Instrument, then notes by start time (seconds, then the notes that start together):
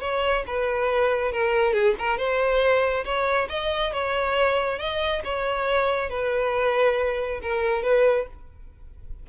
violin
0.00 C#5
0.46 B4
1.32 A#4
1.73 G#4
1.99 A#4
2.17 C5
3.04 C#5
3.49 D#5
3.92 C#5
4.78 D#5
5.24 C#5
6.09 B4
7.42 A#4
7.82 B4